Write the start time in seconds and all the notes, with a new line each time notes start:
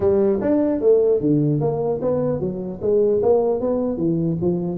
0.00 G3
0.41 D4
0.80 A3
1.20 D3
1.60 A#3
2.01 B3
2.39 F#3
2.81 G#3
3.22 A#3
3.60 B3
3.97 E3
4.41 F3